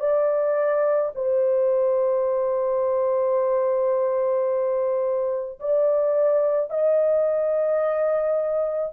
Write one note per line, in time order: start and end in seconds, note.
0.00 1.11 D5
1.15 5.60 C5
5.60 6.70 D5
6.70 8.92 D#5